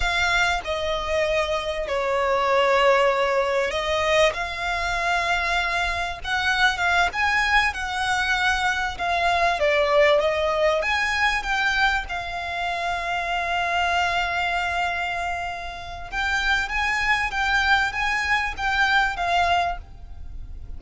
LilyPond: \new Staff \with { instrumentName = "violin" } { \time 4/4 \tempo 4 = 97 f''4 dis''2 cis''4~ | cis''2 dis''4 f''4~ | f''2 fis''4 f''8 gis''8~ | gis''8 fis''2 f''4 d''8~ |
d''8 dis''4 gis''4 g''4 f''8~ | f''1~ | f''2 g''4 gis''4 | g''4 gis''4 g''4 f''4 | }